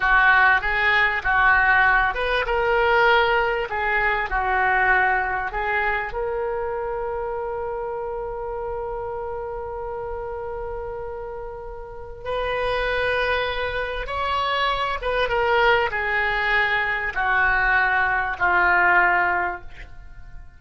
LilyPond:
\new Staff \with { instrumentName = "oboe" } { \time 4/4 \tempo 4 = 98 fis'4 gis'4 fis'4. b'8 | ais'2 gis'4 fis'4~ | fis'4 gis'4 ais'2~ | ais'1~ |
ais'1 | b'2. cis''4~ | cis''8 b'8 ais'4 gis'2 | fis'2 f'2 | }